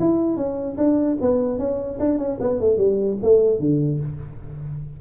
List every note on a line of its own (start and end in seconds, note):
0.00 0.37 E4
0.37 0.77 C#4
0.78 1.18 D4
1.21 1.59 B3
1.59 1.99 C#4
2.00 2.18 D4
2.18 2.38 C#4
2.40 2.60 B3
2.60 2.78 A3
2.78 3.18 G3
3.23 3.60 A3
3.60 4.00 D3